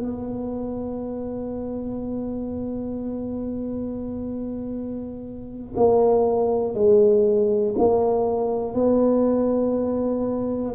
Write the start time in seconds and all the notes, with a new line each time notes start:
0.00 B3
5.76 A#3
6.75 G#3
7.78 A#3
8.75 B3